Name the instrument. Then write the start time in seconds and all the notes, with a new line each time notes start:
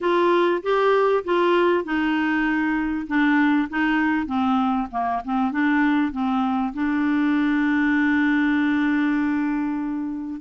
clarinet
0.00 F4
0.63 G4
1.24 F4
1.84 D#4
3.07 D4
3.69 D#4
4.26 C4
4.91 A#3
5.24 C4
5.51 D4
6.12 C4
6.73 D4